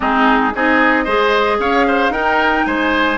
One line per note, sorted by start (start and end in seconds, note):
0.00 0.54 G#3
0.00 0.53 C4
0.00 0.53 D#4
0.00 0.54 G#4
0.54 1.06 C4
0.54 1.06 D#4
0.54 1.04 G#4
0.54 1.60 D#5
1.04 1.59 G#3
1.04 2.12 G#4
1.04 1.57 C5
1.59 2.09 C#4
1.59 1.86 C#5
1.59 2.12 F5
1.87 2.12 C5
2.09 2.62 D#4
2.09 3.18 D#4
2.09 2.65 A#4
2.09 2.65 G5
2.65 3.18 G#3
2.65 3.18 C5
2.65 3.18 G#5